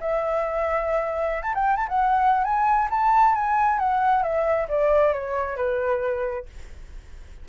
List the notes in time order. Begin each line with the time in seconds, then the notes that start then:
0.00 E5
1.42 A5
1.54 G5
1.76 A5
1.88 F#5
2.43 G#5
2.90 A5
3.34 G#5
3.78 F#5
4.23 E5
4.68 D5
5.12 C#5
5.56 B4